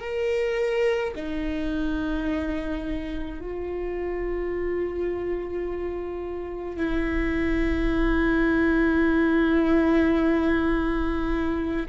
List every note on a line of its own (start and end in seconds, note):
0.00 1.13 A#4
1.15 3.40 D#4
3.40 6.76 F4
6.76 11.86 E4